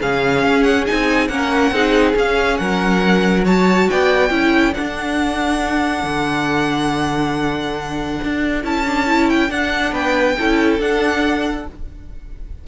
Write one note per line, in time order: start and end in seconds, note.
0.00 0.43 C#3
0.00 0.86 C#4
0.00 1.29 G#4
0.00 0.63 F5
0.43 0.87 C#4
0.63 0.84 F#5
0.86 1.29 C4
0.86 1.29 D#4
0.86 1.27 G#5
1.27 1.71 A#3
1.27 1.72 C#4
1.27 1.73 A#4
1.27 2.14 F#5
1.71 2.14 C4
1.71 2.13 D#4
1.71 2.59 G#4
2.13 3.43 C#4
2.13 2.59 C#4
2.13 2.57 F5
2.57 3.89 F#3
2.57 3.44 A#4
2.57 3.44 F#5
3.44 4.30 F#4
3.44 3.87 C#5
3.44 3.89 A5
3.89 4.30 B3
3.89 4.33 D5
3.89 4.73 G5
4.30 4.73 C#4
4.30 4.73 E4
4.30 9.92 A4
4.73 8.63 D4
4.73 6.03 D4
4.73 8.62 F#5
6.03 8.19 D3
8.24 8.63 D4
8.63 9.50 C#4
8.63 8.84 E4
8.63 9.29 A5
8.86 9.06 D4
9.06 9.49 E4
9.29 9.50 G5
9.49 10.35 D4
9.49 9.92 D4
9.49 9.93 F#5
9.92 10.35 B3
9.92 10.35 B4
9.92 10.80 G5
10.38 10.79 C#4
10.38 10.80 E4
10.38 11.67 A4
10.79 11.65 D4
10.79 11.66 D4
10.79 11.67 F#5